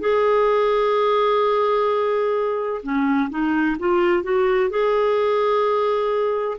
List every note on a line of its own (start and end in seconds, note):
0.00 2.81 G#4
2.83 3.29 C#4
3.29 3.76 D#4
3.79 4.23 F4
4.23 4.70 F#4
4.70 6.57 G#4